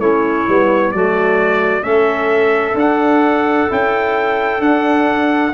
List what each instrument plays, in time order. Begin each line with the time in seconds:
0.00 tuba A3, trombone C#4, clarinet E4, trumpet C#5
0.48 tuba G3, trombone B3
0.92 tuba F#3, trombone A3, clarinet F#4, trumpet D5
1.82 tuba A3, trombone C#4, clarinet A4, trumpet E5
2.74 tuba D4, trumpet F#5
2.80 trombone D4
3.68 tuba C#4, trombone E4, trumpet G5
4.60 tuba D4, trombone D4, trumpet F#5